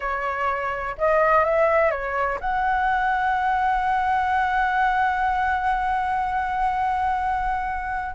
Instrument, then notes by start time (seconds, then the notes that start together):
flute
0.00 C#5
0.97 D#5
1.44 E5
1.90 C#5
2.40 F#5